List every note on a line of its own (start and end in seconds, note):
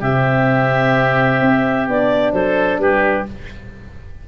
0.00 1.41 C3
0.00 1.88 C4
0.00 2.33 G4
0.00 1.88 E5
1.41 1.88 C4
1.88 2.33 B3
1.88 3.28 D4
1.88 2.33 D5
2.33 2.79 F#3
2.33 2.81 A4
2.33 2.79 C5
2.79 3.25 G3
2.79 3.28 G4
2.79 3.26 B4